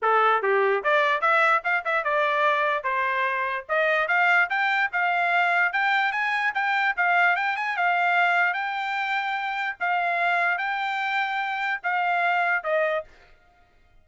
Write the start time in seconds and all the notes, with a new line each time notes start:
0.01 A4
0.42 G4
0.83 D5
1.21 E5
1.64 F5
1.85 E5
2.04 D5
2.83 C5
3.68 D#5
4.08 F5
4.49 G5
4.92 F5
5.72 G5
6.12 G#5
6.54 G5
6.97 F5
7.36 G5
7.56 G#5
7.77 F5
8.53 G5
9.80 F5
10.58 G5
11.83 F5
12.63 D#5